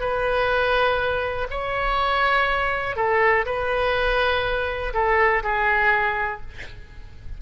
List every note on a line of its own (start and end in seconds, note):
0.00 1.48 B4
1.51 2.96 C#5
2.96 3.45 A4
3.46 4.93 B4
4.94 5.43 A4
5.43 6.41 G#4